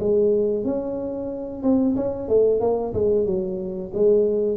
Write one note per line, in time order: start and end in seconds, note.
0.00 0.65 G#3
0.65 1.63 C#4
1.63 1.96 C4
1.97 2.29 C#4
2.29 2.61 A3
2.61 2.94 A#3
2.94 3.26 G#3
3.26 3.92 F#3
3.94 4.58 G#3